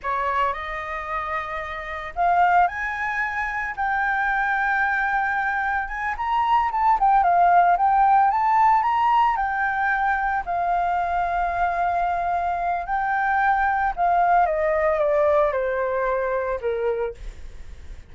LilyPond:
\new Staff \with { instrumentName = "flute" } { \time 4/4 \tempo 4 = 112 cis''4 dis''2. | f''4 gis''2 g''4~ | g''2. gis''8 ais''8~ | ais''8 a''8 g''8 f''4 g''4 a''8~ |
a''8 ais''4 g''2 f''8~ | f''1 | g''2 f''4 dis''4 | d''4 c''2 ais'4 | }